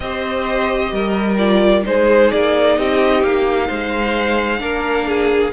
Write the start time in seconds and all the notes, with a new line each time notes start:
0.00 C4 G4 C5 D#5
0.92 G3 A#4
1.37 F4 D5
1.83 G#3 D#4 G#4 C5
2.31 A#3 D5
2.77 C4 G4 D#5
3.22 A#3 F5
3.67 G#3 C5
4.59 A#3 D4 A#4
5.07 G#4